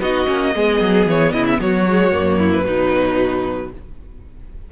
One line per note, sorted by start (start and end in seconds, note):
0.00 0.27 B3
0.00 0.27 D#4
0.00 0.55 F#4
0.00 1.08 D#5
0.27 0.55 A#3
0.27 0.53 C#4
0.55 0.81 G#3
0.55 1.88 B3
0.55 1.34 G#4
0.81 1.07 F#3
1.07 1.33 E3
1.07 1.33 C#5
1.33 1.60 C#3
1.33 1.60 E4
1.33 1.46 D#5
1.48 1.61 E5
1.60 2.13 F#3
1.60 2.39 F#4
1.60 2.52 C#5
1.89 2.12 G#3
2.12 2.66 F#2
2.12 2.63 A#3
2.39 2.65 E4
2.52 3.72 B4
2.63 3.73 B2
2.63 3.69 F#3
2.63 3.73 D#4